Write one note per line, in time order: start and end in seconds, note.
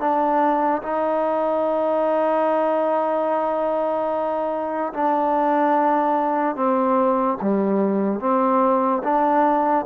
0.00 0.82 D4
0.83 4.94 D#4
4.94 6.56 D4
6.56 7.39 C4
7.42 8.20 G3
8.20 9.03 C4
9.04 9.86 D4